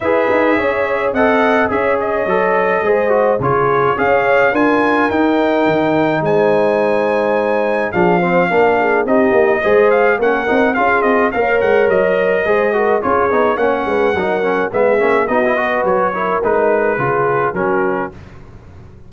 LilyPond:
<<
  \new Staff \with { instrumentName = "trumpet" } { \time 4/4 \tempo 4 = 106 e''2 fis''4 e''8 dis''8~ | dis''2 cis''4 f''4 | gis''4 g''2 gis''4~ | gis''2 f''2 |
dis''4. f''8 fis''4 f''8 dis''8 | f''8 fis''8 dis''2 cis''4 | fis''2 e''4 dis''4 | cis''4 b'2 ais'4 | }
  \new Staff \with { instrumentName = "horn" } { \time 4/4 b'4 cis''4 dis''4 cis''4~ | cis''4 c''4 gis'4 cis''4 | ais'2. c''4~ | c''2 gis'8 c''8 ais'8 gis'8 |
g'4 c''4 ais'4 gis'4 | cis''2 c''8 ais'8 gis'4 | cis''8 b'8 ais'4 gis'4 fis'8 b'8~ | b'8 ais'4. gis'4 fis'4 | }
  \new Staff \with { instrumentName = "trombone" } { \time 4/4 gis'2 a'4 gis'4 | a'4 gis'8 fis'8 f'4 gis'4 | f'4 dis'2.~ | dis'2 d'8 c'8 d'4 |
dis'4 gis'4 cis'8 dis'8 f'4 | ais'2 gis'8 fis'8 f'8 dis'8 | cis'4 dis'8 cis'8 b8 cis'8 dis'16 e'16 fis'8~ | fis'8 e'8 dis'4 f'4 cis'4 | }
  \new Staff \with { instrumentName = "tuba" } { \time 4/4 e'8 dis'8 cis'4 c'4 cis'4 | fis4 gis4 cis4 cis'4 | d'4 dis'4 dis4 gis4~ | gis2 f4 ais4 |
c'8 ais8 gis4 ais8 c'8 cis'8 c'8 | ais8 gis8 fis4 gis4 cis'8 b8 | ais8 gis8 fis4 gis8 ais8 b4 | fis4 gis4 cis4 fis4 | }
>>